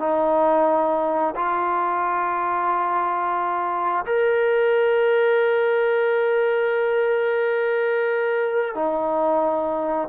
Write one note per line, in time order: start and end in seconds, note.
0.00 1.35 D#4
1.36 4.06 F4
4.06 8.75 A#4
8.75 10.09 D#4